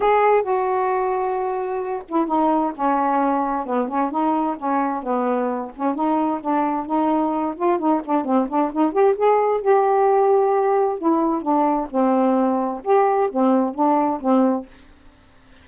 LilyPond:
\new Staff \with { instrumentName = "saxophone" } { \time 4/4 \tempo 4 = 131 gis'4 fis'2.~ | fis'8 e'8 dis'4 cis'2 | b8 cis'8 dis'4 cis'4 b4~ | b8 cis'8 dis'4 d'4 dis'4~ |
dis'8 f'8 dis'8 d'8 c'8 d'8 dis'8 g'8 | gis'4 g'2. | e'4 d'4 c'2 | g'4 c'4 d'4 c'4 | }